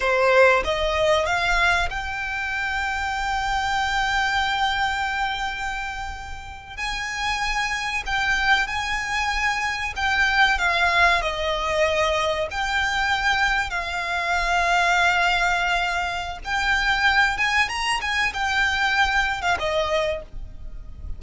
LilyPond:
\new Staff \with { instrumentName = "violin" } { \time 4/4 \tempo 4 = 95 c''4 dis''4 f''4 g''4~ | g''1~ | g''2~ g''8. gis''4~ gis''16~ | gis''8. g''4 gis''2 g''16~ |
g''8. f''4 dis''2 g''16~ | g''4.~ g''16 f''2~ f''16~ | f''2 g''4. gis''8 | ais''8 gis''8 g''4.~ g''16 f''16 dis''4 | }